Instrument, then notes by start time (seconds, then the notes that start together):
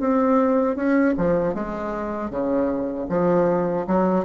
bassoon
0.00 C4
0.76 C#4
1.18 F3
1.54 G#3
2.30 C#3
3.09 F3
3.87 F#3